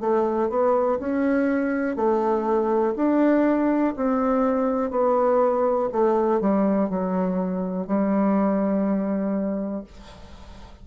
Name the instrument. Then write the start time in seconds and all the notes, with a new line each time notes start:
bassoon
0.00 A3
0.50 B3
0.99 C#4
1.96 A3
2.96 D4
3.96 C4
4.90 B3
5.92 A3
6.41 G3
6.89 F#3
7.87 G3